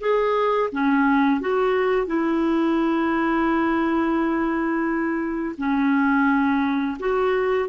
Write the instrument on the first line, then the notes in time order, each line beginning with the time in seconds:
clarinet
0.00 G#4
0.72 C#4
1.40 F#4
2.07 E4
5.58 C#4
7.00 F#4